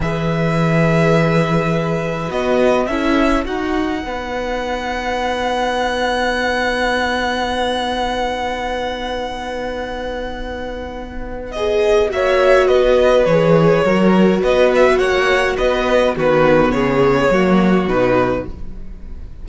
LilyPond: <<
  \new Staff \with { instrumentName = "violin" } { \time 4/4 \tempo 4 = 104 e''1 | dis''4 e''4 fis''2~ | fis''1~ | fis''1~ |
fis''1 | dis''4 e''4 dis''4 cis''4~ | cis''4 dis''8 e''8 fis''4 dis''4 | b'4 cis''2 b'4 | }
  \new Staff \with { instrumentName = "violin" } { \time 4/4 b'1~ | b'4 a'4 fis'4 b'4~ | b'1~ | b'1~ |
b'1~ | b'4 cis''4 b'2 | ais'4 b'4 cis''4 b'4 | fis'4 gis'4 fis'2 | }
  \new Staff \with { instrumentName = "viola" } { \time 4/4 gis'1 | fis'4 e'4 dis'2~ | dis'1~ | dis'1~ |
dis'1 | gis'4 fis'2 gis'4 | fis'1 | b2 ais4 dis'4 | }
  \new Staff \with { instrumentName = "cello" } { \time 4/4 e1 | b4 cis'4 dis'4 b4~ | b1~ | b1~ |
b1~ | b4 ais4 b4 e4 | fis4 b4 ais4 b4 | dis4 cis4 fis4 b,4 | }
>>